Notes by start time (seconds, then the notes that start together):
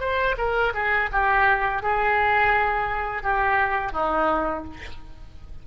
0.00 C5
0.38 A#4
0.74 G#4
1.12 G4
1.82 G#4
3.23 G4
3.93 D#4